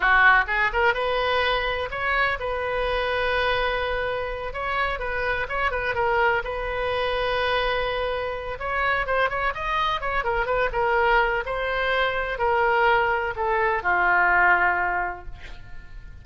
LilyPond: \new Staff \with { instrumentName = "oboe" } { \time 4/4 \tempo 4 = 126 fis'4 gis'8 ais'8 b'2 | cis''4 b'2.~ | b'4. cis''4 b'4 cis''8 | b'8 ais'4 b'2~ b'8~ |
b'2 cis''4 c''8 cis''8 | dis''4 cis''8 ais'8 b'8 ais'4. | c''2 ais'2 | a'4 f'2. | }